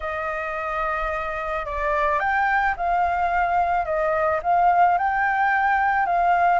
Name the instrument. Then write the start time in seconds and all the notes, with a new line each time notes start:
flute
0.00 D#5
1.65 D5
2.19 G5
2.76 F5
3.85 D#5
4.43 F5
4.98 G5
6.06 F5